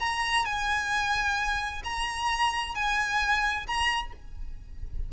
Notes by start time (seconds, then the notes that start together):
0.00 A#5
0.46 G#5
1.84 A#5
2.75 G#5
3.67 A#5